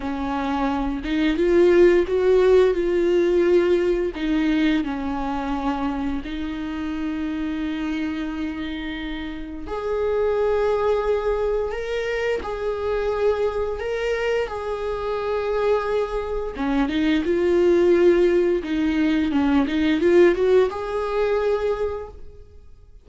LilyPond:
\new Staff \with { instrumentName = "viola" } { \time 4/4 \tempo 4 = 87 cis'4. dis'8 f'4 fis'4 | f'2 dis'4 cis'4~ | cis'4 dis'2.~ | dis'2 gis'2~ |
gis'4 ais'4 gis'2 | ais'4 gis'2. | cis'8 dis'8 f'2 dis'4 | cis'8 dis'8 f'8 fis'8 gis'2 | }